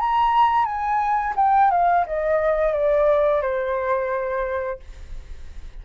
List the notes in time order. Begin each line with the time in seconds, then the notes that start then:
0.00 A#5
0.66 G#5
1.36 G5
1.71 F5
2.07 D#5
2.73 D5
3.42 C5